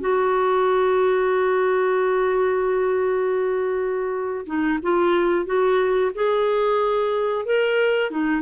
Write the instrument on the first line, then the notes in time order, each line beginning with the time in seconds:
clarinet
0.00 F#4
4.46 D#4
4.82 F4
5.45 F#4
6.15 G#4
7.45 A#4
8.10 D#4